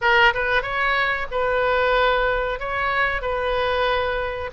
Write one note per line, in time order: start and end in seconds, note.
0.01 0.33 A#4
0.34 0.62 B4
0.62 1.26 C#5
1.31 2.59 B4
2.59 3.21 C#5
3.21 4.50 B4